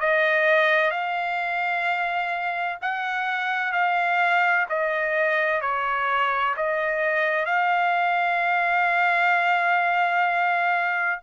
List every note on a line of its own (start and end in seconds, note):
0.00 0.91 D#5
0.91 2.78 F5
2.82 3.72 F#5
3.72 4.66 F5
4.69 5.61 D#5
5.61 6.55 C#5
6.57 7.45 D#5
7.45 11.20 F5